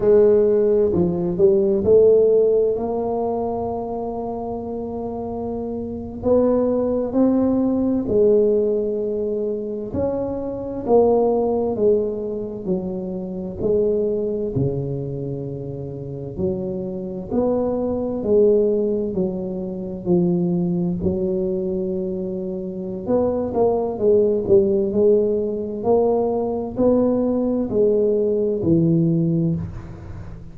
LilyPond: \new Staff \with { instrumentName = "tuba" } { \time 4/4 \tempo 4 = 65 gis4 f8 g8 a4 ais4~ | ais2~ ais8. b4 c'16~ | c'8. gis2 cis'4 ais16~ | ais8. gis4 fis4 gis4 cis16~ |
cis4.~ cis16 fis4 b4 gis16~ | gis8. fis4 f4 fis4~ fis16~ | fis4 b8 ais8 gis8 g8 gis4 | ais4 b4 gis4 e4 | }